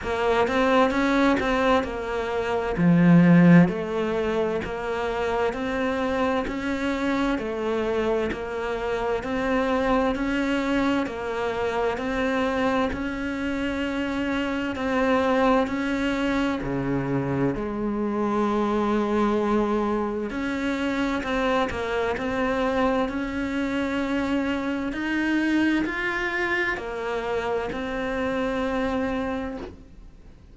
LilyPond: \new Staff \with { instrumentName = "cello" } { \time 4/4 \tempo 4 = 65 ais8 c'8 cis'8 c'8 ais4 f4 | a4 ais4 c'4 cis'4 | a4 ais4 c'4 cis'4 | ais4 c'4 cis'2 |
c'4 cis'4 cis4 gis4~ | gis2 cis'4 c'8 ais8 | c'4 cis'2 dis'4 | f'4 ais4 c'2 | }